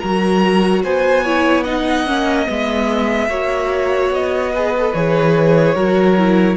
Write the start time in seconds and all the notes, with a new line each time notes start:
0.00 F#3 F#4 A#4 A#5
0.84 B3 C5 G#5
1.24 E4 C#5
1.63 D#4 D#5 F#5
2.06 A#3 C#4
2.47 G#3 B3 E5
3.29 A#3 F#4 C#5
4.10 B3 D#5
4.53 G#4 B4
4.79 A4
4.94 E3 G#4 C#5
5.75 F#3 F#4 A#4
6.17 E4